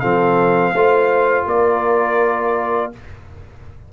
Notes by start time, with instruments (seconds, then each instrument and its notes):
0.00 tuba F3, trombone C4, horn A4, trumpet F5
0.73 tuba A3, trombone F4, horn C5
1.46 tuba A#3, horn A#4, trumpet D5